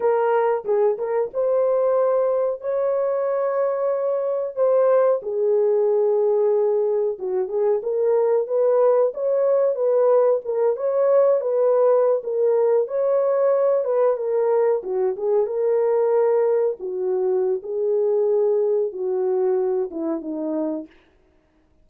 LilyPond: \new Staff \with { instrumentName = "horn" } { \time 4/4 \tempo 4 = 92 ais'4 gis'8 ais'8 c''2 | cis''2. c''4 | gis'2. fis'8 gis'8 | ais'4 b'4 cis''4 b'4 |
ais'8 cis''4 b'4~ b'16 ais'4 cis''16~ | cis''4~ cis''16 b'8 ais'4 fis'8 gis'8 ais'16~ | ais'4.~ ais'16 fis'4~ fis'16 gis'4~ | gis'4 fis'4. e'8 dis'4 | }